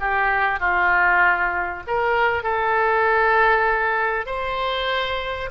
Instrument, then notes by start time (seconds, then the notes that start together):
oboe
0.00 G4
0.60 F4
1.87 A#4
2.44 A4
4.26 C5